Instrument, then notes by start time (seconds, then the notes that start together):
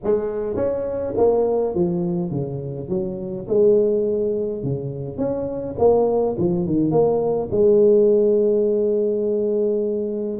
tuba
0.03 G#3
0.55 C#4
1.17 A#3
1.74 F3
2.31 C#3
2.88 F#3
3.47 G#3
4.63 C#3
5.17 C#4
5.78 A#3
6.38 F3
6.66 D#3
6.91 A#3
7.51 G#3